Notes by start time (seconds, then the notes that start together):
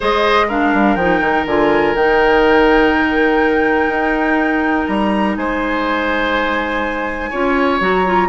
0.00 G#3 G#4 C5 D#5
0.48 D4 A#4 F5
0.74 G3
0.95 F3 D#4 G5
1.20 D#3
1.45 D3 F4 G#5
1.94 D#3 D#4 G5
3.88 D#4
4.87 G3 A#5
5.36 G#3 C5 G#5
7.30 C#4 F4 C#5
7.80 F#3 F#4 A#5
8.06 F4